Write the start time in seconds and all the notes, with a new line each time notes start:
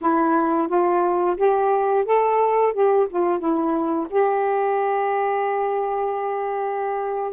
0.01 E4
0.68 F4
1.36 G4
2.05 A4
2.73 G4
3.09 F4
3.39 E4
4.09 G4